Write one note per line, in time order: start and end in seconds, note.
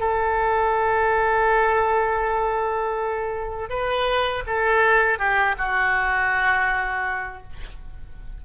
0.00 3.69 A4
3.69 4.43 B4
4.47 5.19 A4
5.19 5.56 G4
5.58 7.43 F#4